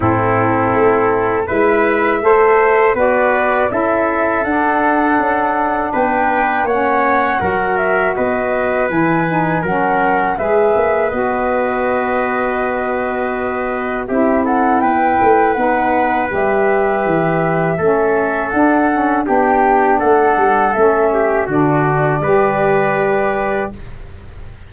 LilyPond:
<<
  \new Staff \with { instrumentName = "flute" } { \time 4/4 \tempo 4 = 81 a'2 e''2 | d''4 e''4 fis''2 | g''4 fis''4. e''8 dis''4 | gis''4 fis''4 e''4 dis''4~ |
dis''2. e''8 fis''8 | g''4 fis''4 e''2~ | e''4 fis''4 g''4 fis''4 | e''4 d''2. | }
  \new Staff \with { instrumentName = "trumpet" } { \time 4/4 e'2 b'4 c''4 | b'4 a'2. | b'4 cis''4 ais'4 b'4~ | b'4 ais'4 b'2~ |
b'2. g'8 a'8 | b'1 | a'2 g'4 a'4~ | a'8 g'8 fis'4 b'2 | }
  \new Staff \with { instrumentName = "saxophone" } { \time 4/4 c'2 e'4 a'4 | fis'4 e'4 d'2~ | d'4 cis'4 fis'2 | e'8 dis'8 cis'4 gis'4 fis'4~ |
fis'2. e'4~ | e'4 dis'4 g'2 | cis'4 d'8 cis'8 d'2 | cis'4 d'4 g'2 | }
  \new Staff \with { instrumentName = "tuba" } { \time 4/4 a,4 a4 gis4 a4 | b4 cis'4 d'4 cis'4 | b4 ais4 fis4 b4 | e4 fis4 gis8 ais8 b4~ |
b2. c'4 | b8 a8 b4 g4 e4 | a4 d'4 b4 a8 g8 | a4 d4 g2 | }
>>